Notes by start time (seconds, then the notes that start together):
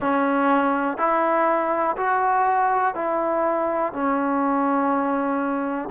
0.00 C#4
0.97 E4
1.96 F#4
2.95 E4
3.92 C#4